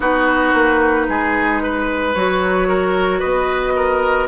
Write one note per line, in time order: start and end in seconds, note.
0.00 0.52 B3
0.00 2.14 D#4
0.00 1.06 F#4
0.00 2.14 B4
0.54 1.07 A#3
1.08 2.15 G#3
1.08 1.62 G#4
1.62 2.67 B4
2.14 3.22 F#3
2.14 4.28 F#4
2.14 3.20 C#5
2.67 3.19 A#4
3.19 4.28 B3
3.19 3.73 B4
3.19 4.27 D#5
3.75 4.28 A#4